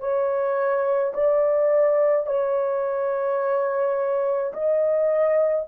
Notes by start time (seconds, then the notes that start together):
0.00 C#5
1.14 D5
2.26 C#5
4.53 D#5